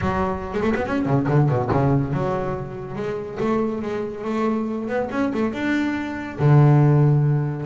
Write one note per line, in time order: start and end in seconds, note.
0.01 0.53 F#3
0.53 0.63 G#3
0.63 0.73 A3
0.75 0.85 B3
0.85 1.05 C#4
1.05 1.26 C#3
1.28 1.49 D3
1.49 1.70 B2
1.71 2.13 C#3
2.13 2.95 F#3
2.95 3.38 G#3
3.39 3.81 A3
3.81 4.24 G#3
4.24 4.88 A3
4.88 5.09 B3
5.11 5.32 C#4
5.33 5.53 A3
5.53 6.38 D4
6.39 7.65 D3